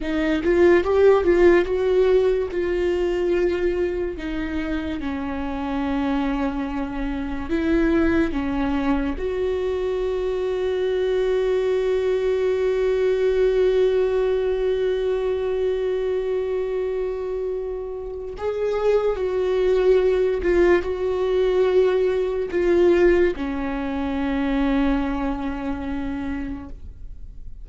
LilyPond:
\new Staff \with { instrumentName = "viola" } { \time 4/4 \tempo 4 = 72 dis'8 f'8 g'8 f'8 fis'4 f'4~ | f'4 dis'4 cis'2~ | cis'4 e'4 cis'4 fis'4~ | fis'1~ |
fis'1~ | fis'2 gis'4 fis'4~ | fis'8 f'8 fis'2 f'4 | cis'1 | }